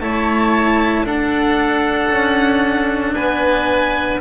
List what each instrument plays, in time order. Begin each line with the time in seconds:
0.00 double bass A3, cello E4, oboe C#5, violin A5
1.04 double bass D4, cello D4, oboe A4, violin F#5
2.09 double bass C#4
3.14 double bass B3, oboe B4, violin G#5